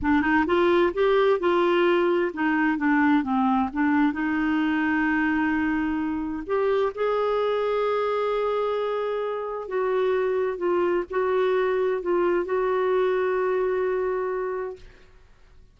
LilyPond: \new Staff \with { instrumentName = "clarinet" } { \time 4/4 \tempo 4 = 130 d'8 dis'8 f'4 g'4 f'4~ | f'4 dis'4 d'4 c'4 | d'4 dis'2.~ | dis'2 g'4 gis'4~ |
gis'1~ | gis'4 fis'2 f'4 | fis'2 f'4 fis'4~ | fis'1 | }